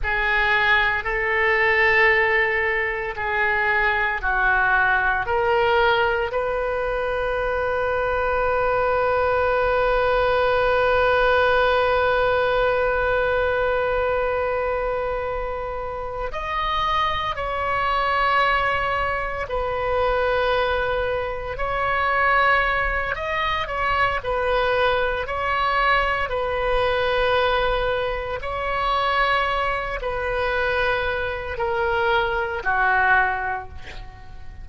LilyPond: \new Staff \with { instrumentName = "oboe" } { \time 4/4 \tempo 4 = 57 gis'4 a'2 gis'4 | fis'4 ais'4 b'2~ | b'1~ | b'2.~ b'8 dis''8~ |
dis''8 cis''2 b'4.~ | b'8 cis''4. dis''8 cis''8 b'4 | cis''4 b'2 cis''4~ | cis''8 b'4. ais'4 fis'4 | }